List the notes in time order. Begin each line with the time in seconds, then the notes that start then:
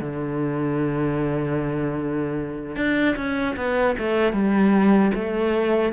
0.00 D3
2.76 D4
3.16 C#4
3.56 B3
3.98 A3
4.32 G3
5.14 A3